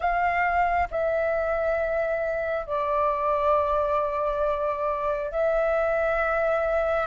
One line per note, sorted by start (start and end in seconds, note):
0.00 0.88 F5
0.91 2.66 E5
2.66 5.31 D5
5.31 7.06 E5